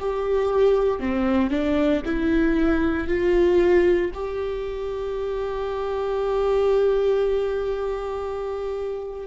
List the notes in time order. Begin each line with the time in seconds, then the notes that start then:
0.00 G4
1.01 C4
1.50 D4
2.06 E4
3.08 F4
4.14 G4